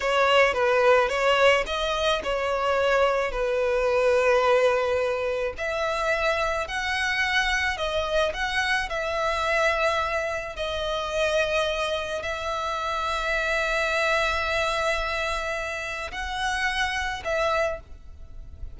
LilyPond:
\new Staff \with { instrumentName = "violin" } { \time 4/4 \tempo 4 = 108 cis''4 b'4 cis''4 dis''4 | cis''2 b'2~ | b'2 e''2 | fis''2 dis''4 fis''4 |
e''2. dis''4~ | dis''2 e''2~ | e''1~ | e''4 fis''2 e''4 | }